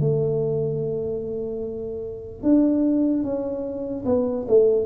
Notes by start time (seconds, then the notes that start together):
0.00 A3
2.42 D4
3.23 C#4
4.05 B3
4.48 A3